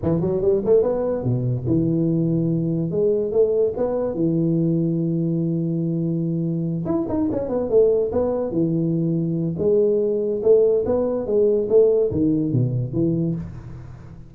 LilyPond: \new Staff \with { instrumentName = "tuba" } { \time 4/4 \tempo 4 = 144 e8 fis8 g8 a8 b4 b,4 | e2. gis4 | a4 b4 e2~ | e1~ |
e8 e'8 dis'8 cis'8 b8 a4 b8~ | b8 e2~ e8 gis4~ | gis4 a4 b4 gis4 | a4 dis4 b,4 e4 | }